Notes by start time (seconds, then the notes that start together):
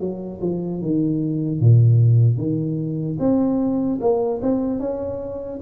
0.00 F#3
0.41 F3
0.81 D#3
1.60 A#2
2.37 D#3
3.19 C4
4.01 A#3
4.42 C4
4.80 C#4